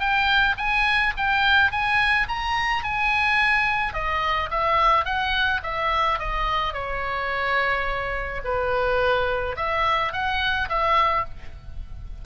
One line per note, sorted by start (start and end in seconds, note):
0.00 0.56 G5
0.58 1.14 G#5
1.18 1.72 G5
1.72 2.28 G#5
2.28 2.84 A#5
2.84 3.94 G#5
3.94 4.50 D#5
4.51 5.05 E5
5.05 5.61 F#5
5.63 6.19 E5
6.19 6.74 D#5
6.74 8.42 C#5
8.45 9.57 B4
9.57 10.13 E5
10.13 10.69 F#5
10.69 11.26 E5